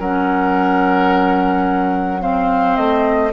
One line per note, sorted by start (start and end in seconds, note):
0.00 2.77 F#3
0.00 2.20 C#4
0.00 2.22 A#4
0.00 2.22 F#5
2.20 3.31 C4
2.20 3.33 C5
2.20 2.76 F5
2.76 3.33 A3
2.76 3.32 D#5